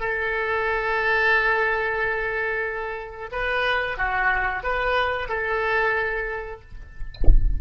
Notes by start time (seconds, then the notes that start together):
0.00 A4
3.32 B4
3.98 F#4
4.63 B4
5.29 A4